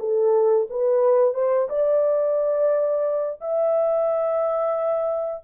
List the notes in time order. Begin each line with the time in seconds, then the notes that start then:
0.00 A4
0.70 B4
1.35 C5
1.70 D5
3.42 E5